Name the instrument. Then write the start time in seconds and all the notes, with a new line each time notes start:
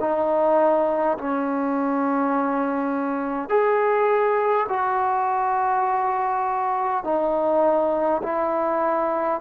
trombone
0.00 D#4
1.18 C#4
3.49 G#4
4.68 F#4
7.04 D#4
8.23 E4